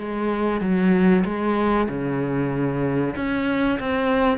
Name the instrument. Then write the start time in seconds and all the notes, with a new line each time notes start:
cello
0.00 G#3
0.61 F#3
1.25 G#3
1.89 C#3
3.17 C#4
3.80 C4